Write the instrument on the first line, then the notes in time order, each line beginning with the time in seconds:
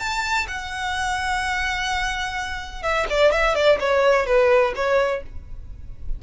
violin
0.00 A5
0.48 F#5
2.83 E5
3.10 D5
3.32 E5
3.55 D5
3.80 C#5
4.26 B4
4.76 C#5